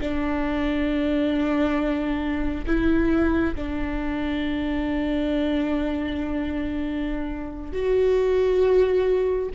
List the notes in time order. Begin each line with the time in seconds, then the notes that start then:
0.00 D4
2.66 E4
3.55 D4
7.72 F#4